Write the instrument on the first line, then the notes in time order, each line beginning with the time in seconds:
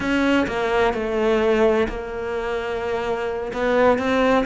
cello
0.00 C#4
0.47 A#3
0.93 A3
1.88 A#3
3.53 B3
3.98 C4